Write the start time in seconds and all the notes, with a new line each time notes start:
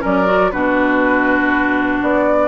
0.00 F#3 C#4 A#4 D5
0.26 F#4
0.51 B2 D4 F#4 B4
2.02 B3 D5